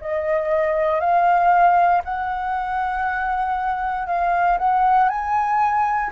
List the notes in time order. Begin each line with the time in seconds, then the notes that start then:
0.00 D#5
1.00 F5
2.04 F#5
4.07 F5
4.58 F#5
5.09 G#5